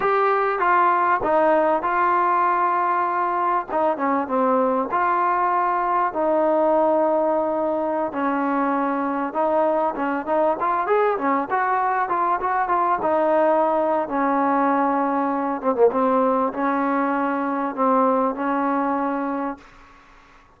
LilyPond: \new Staff \with { instrumentName = "trombone" } { \time 4/4 \tempo 4 = 98 g'4 f'4 dis'4 f'4~ | f'2 dis'8 cis'8 c'4 | f'2 dis'2~ | dis'4~ dis'16 cis'2 dis'8.~ |
dis'16 cis'8 dis'8 f'8 gis'8 cis'8 fis'4 f'16~ | f'16 fis'8 f'8 dis'4.~ dis'16 cis'4~ | cis'4. c'16 ais16 c'4 cis'4~ | cis'4 c'4 cis'2 | }